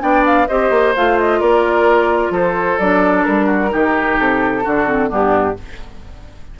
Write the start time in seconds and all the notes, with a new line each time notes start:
0.00 B3 D4 D5 G5
0.26 F5
0.48 C4 G4 C5 D#5
0.70 A#3
0.96 A3 F4 F5
1.19 D#5
1.40 A#3 A#4 D5
2.30 F3 A4 C5
2.79 F#3 D4 D5
3.24 G3 A#4
3.46 F#4
3.70 D#3 D#4 G4
4.18 C3 A4
4.64 D3 D4 F#4
4.87 C4
5.08 G2 B3 D4 G4